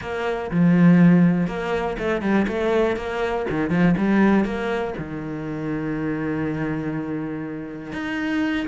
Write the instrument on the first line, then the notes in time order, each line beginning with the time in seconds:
cello
0.01 A#3
0.51 F3
1.47 A#3
1.98 A3
2.21 G3
2.47 A3
2.96 A#3
3.50 D#3
3.70 F3
3.97 G3
4.44 A#3
4.98 D#3
7.92 D#4